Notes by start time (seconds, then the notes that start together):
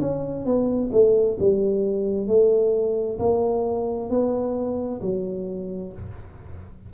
0.00 C#4
0.45 B3
0.92 A3
1.39 G3
2.27 A3
3.19 A#3
4.10 B3
5.01 F#3